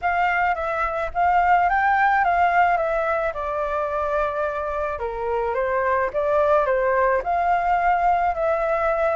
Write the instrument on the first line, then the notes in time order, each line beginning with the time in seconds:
flute
0.01 F5
0.54 E5
1.13 F5
1.69 G5
2.24 F5
2.77 E5
3.33 D5
4.99 A#4
5.54 C5
6.13 D5
6.65 C5
7.23 F5
8.34 E5